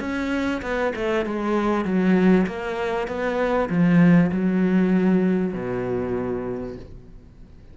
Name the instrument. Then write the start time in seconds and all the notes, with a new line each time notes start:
cello
0.00 C#4
0.62 B3
0.95 A3
1.26 G#3
1.85 F#3
2.46 A#3
3.08 B3
3.70 F3
4.32 F#3
5.54 B2